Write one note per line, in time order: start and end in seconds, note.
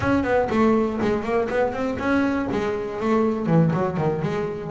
0.00 0.23 C#4
0.23 0.48 B3
0.50 0.99 A3
1.01 1.23 G#3
1.23 1.48 A#3
1.49 1.72 B3
1.72 1.97 C4
1.98 2.48 C#4
2.51 3.00 G#3
3.00 3.46 A3
3.46 3.71 E3
3.73 3.97 F#3
3.97 4.21 D#3
4.21 4.71 G#3